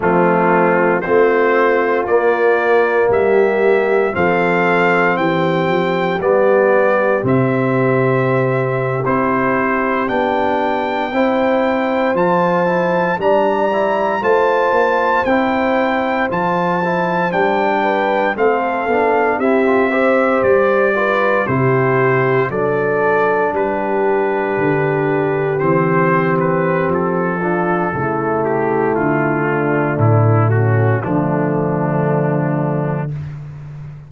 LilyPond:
<<
  \new Staff \with { instrumentName = "trumpet" } { \time 4/4 \tempo 4 = 58 f'4 c''4 d''4 e''4 | f''4 g''4 d''4 e''4~ | e''8. c''4 g''2 a''16~ | a''8. ais''4 a''4 g''4 a''16~ |
a''8. g''4 f''4 e''4 d''16~ | d''8. c''4 d''4 b'4~ b'16~ | b'8. c''8. b'8 a'4. g'8 | f'4 e'8 fis'8 d'2 | }
  \new Staff \with { instrumentName = "horn" } { \time 4/4 c'4 f'2 g'4 | a'4 g'2.~ | g'2~ g'8. c''4~ c''16~ | c''8. d''4 c''2~ c''16~ |
c''4~ c''16 b'8 a'4 g'8 c''8.~ | c''16 b'8 g'4 a'4 g'4~ g'16~ | g'2~ g'8 f'8 e'4~ | e'8 d'4 cis'8 a2 | }
  \new Staff \with { instrumentName = "trombone" } { \time 4/4 a4 c'4 ais2 | c'2 b4 c'4~ | c'8. e'4 d'4 e'4 f'16~ | f'16 e'8 d'8 e'8 f'4 e'4 f'16~ |
f'16 e'8 d'4 c'8 d'8 e'16 f'16 g'8.~ | g'16 f'8 e'4 d'2~ d'16~ | d'8. c'4.~ c'16 d'8 a4~ | a2 f2 | }
  \new Staff \with { instrumentName = "tuba" } { \time 4/4 f4 a4 ais4 g4 | f4 e8 f8 g4 c4~ | c8. c'4 b4 c'4 f16~ | f8. g4 a8 ais8 c'4 f16~ |
f8. g4 a8 b8 c'4 g16~ | g8. c4 fis4 g4 d16~ | d8. e4~ e16 f4 cis4 | d4 a,4 d2 | }
>>